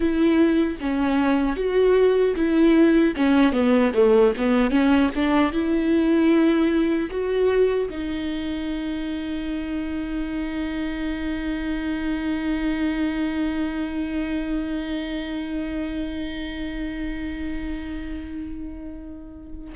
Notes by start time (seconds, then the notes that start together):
0.00 E4
0.80 C#4
1.55 F#4
2.35 E4
3.16 C#4
3.52 B3
3.94 A3
4.37 B3
4.70 C#4
5.15 D4
5.52 E4
7.10 F#4
7.89 D#4